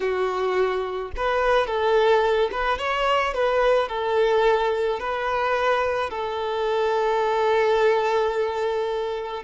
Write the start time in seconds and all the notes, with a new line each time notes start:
0.00 F#4
1.16 B4
1.66 A4
2.51 B4
2.78 C#5
3.34 B4
3.88 A4
4.99 B4
6.10 A4